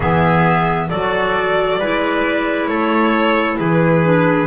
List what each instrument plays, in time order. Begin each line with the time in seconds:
0.00 double bass E3, clarinet B3, trumpet G#4, violin E5
0.89 double bass F#3, clarinet F#4, trumpet A4, violin D5
1.79 double bass G#3, clarinet E4, trumpet B4
2.67 double bass A3, trumpet A4, violin C#5
3.59 double bass E3, trumpet G#4, violin B4
4.04 clarinet D4